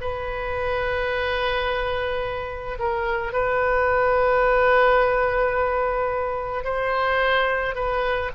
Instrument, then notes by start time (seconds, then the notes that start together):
oboe
0.00 B4
2.79 A#4
3.32 B4
6.64 C5
7.75 B4